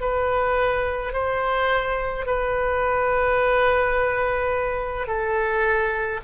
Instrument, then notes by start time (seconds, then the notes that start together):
oboe
0.00 B4
1.13 C5
2.26 B4
5.07 A4